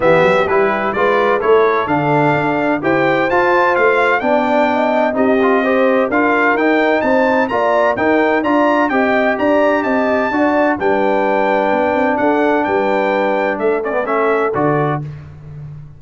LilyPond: <<
  \new Staff \with { instrumentName = "trumpet" } { \time 4/4 \tempo 4 = 128 e''4 b'4 d''4 cis''4 | f''2 g''4 a''4 | f''4 g''2 dis''4~ | dis''4 f''4 g''4 a''4 |
ais''4 g''4 ais''4 g''4 | ais''4 a''2 g''4~ | g''2 fis''4 g''4~ | g''4 e''8 d''8 e''4 d''4 | }
  \new Staff \with { instrumentName = "horn" } { \time 4/4 g'2 b'4 a'4~ | a'2 c''2~ | c''4 d''4 dis''4 g'4 | c''4 ais'2 c''4 |
d''4 ais'4 d''4 dis''4 | d''4 dis''4 d''4 b'4~ | b'2 a'4 b'4~ | b'4 a'2. | }
  \new Staff \with { instrumentName = "trombone" } { \time 4/4 b4 e'4 f'4 e'4 | d'2 g'4 f'4~ | f'4 d'2 dis'8 f'8 | g'4 f'4 dis'2 |
f'4 dis'4 f'4 g'4~ | g'2 fis'4 d'4~ | d'1~ | d'4. cis'16 b16 cis'4 fis'4 | }
  \new Staff \with { instrumentName = "tuba" } { \time 4/4 e8 fis8 g4 gis4 a4 | d4 d'4 e'4 f'4 | a4 b2 c'4~ | c'4 d'4 dis'4 c'4 |
ais4 dis'4 d'4 c'4 | d'4 c'4 d'4 g4~ | g4 b8 c'8 d'4 g4~ | g4 a2 d4 | }
>>